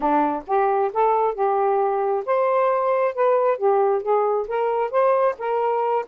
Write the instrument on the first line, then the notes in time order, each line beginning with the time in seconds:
saxophone
0.00 D4
0.46 G4
0.93 A4
1.34 G4
2.25 C5
3.14 B4
3.57 G4
4.02 G#4
4.47 A#4
4.90 C5
5.38 A#4